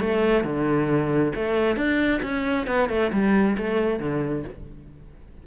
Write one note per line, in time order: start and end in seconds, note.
0.00 0.44 A3
0.44 1.33 D3
1.35 1.76 A3
1.76 2.21 D4
2.22 2.67 C#4
2.67 2.89 B3
2.89 3.11 A3
3.12 3.57 G3
3.58 3.99 A3
3.99 4.44 D3